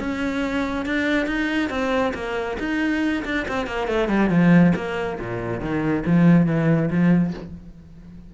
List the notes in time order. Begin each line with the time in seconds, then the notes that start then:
0.00 C#4
0.86 D4
1.27 D#4
1.70 C4
2.15 A#3
2.60 D#4
3.25 D4
3.49 C4
3.67 A#3
3.88 A3
4.09 G3
4.30 F3
4.76 A#3
5.21 A#2
5.61 D#3
6.07 F3
6.47 E3
6.91 F3